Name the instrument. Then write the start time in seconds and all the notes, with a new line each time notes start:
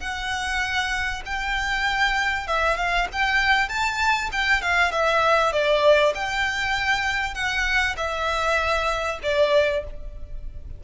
violin
0.00 F#5
1.26 G5
2.47 E5
2.77 F5
3.13 G5
3.69 A5
4.32 G5
4.61 F5
4.91 E5
5.52 D5
6.15 G5
7.34 F#5
7.97 E5
9.23 D5